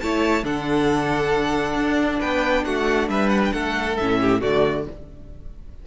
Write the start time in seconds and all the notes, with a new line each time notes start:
0.00 A3 E4 C#5 A5
0.43 D3 D4 A4 F#5
1.75 D4
2.19 B3 B4 G5
2.64 A3 F#4 F#5
3.08 G3 B4 E5
3.29 F#5
3.45 G5
3.52 A3 A4 F#5
3.97 A2 C#4 E5
4.21 G4
4.41 D3 A3 F#4 D5